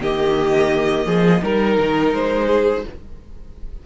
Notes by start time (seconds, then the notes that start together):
0.00 D#3 A#3 G4 D#5
1.06 F3 G#4
1.43 G3 D#4 A#4
1.80 D#3
2.14 G#3 C5
2.47 G#4